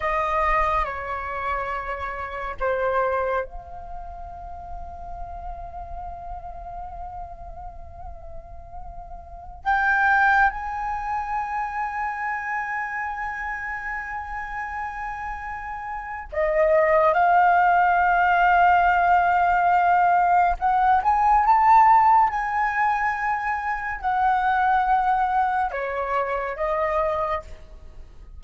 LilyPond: \new Staff \with { instrumentName = "flute" } { \time 4/4 \tempo 4 = 70 dis''4 cis''2 c''4 | f''1~ | f''2.~ f''16 g''8.~ | g''16 gis''2.~ gis''8.~ |
gis''2. dis''4 | f''1 | fis''8 gis''8 a''4 gis''2 | fis''2 cis''4 dis''4 | }